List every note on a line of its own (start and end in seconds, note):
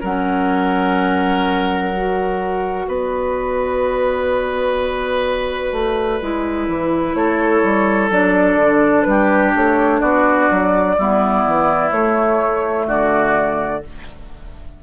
0.00 2.87 F#3
0.00 1.93 C#4
0.00 2.86 A#4
0.00 2.88 F#5
1.93 6.22 F#4
2.87 5.72 B3
2.87 7.17 B4
2.87 7.14 D5
5.72 6.19 A3
6.21 6.67 G#3
6.21 8.11 E4
6.67 7.14 E3
7.14 7.62 A3
7.14 9.08 A4
7.14 8.09 C#5
7.63 8.10 G3
8.10 8.55 F#3
8.10 10.96 D4
8.10 9.02 D5
8.55 9.02 D3
9.02 9.54 G3
9.02 9.50 B4
9.09 10.00 G4
9.54 10.01 A3
9.54 10.00 C#5
10.00 10.49 B3
10.00 10.95 F#4
10.00 11.90 D5
10.50 10.97 F#3
10.97 11.45 G3
10.97 11.91 B3
10.97 12.87 E4
11.46 11.91 E3
11.90 13.82 A3
11.90 12.87 A3
11.90 12.86 C#5
12.87 13.82 D3
12.87 13.82 F#4
12.87 13.83 D5